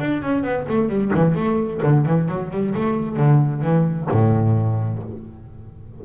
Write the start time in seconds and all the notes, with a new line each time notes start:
0.00 D4
0.22 C#4
0.43 B3
0.68 A3
0.89 G3
1.15 E3
1.35 A3
1.83 D3
2.06 E3
2.28 F#3
2.51 G3
2.75 A3
3.17 D3
3.62 E3
4.11 A2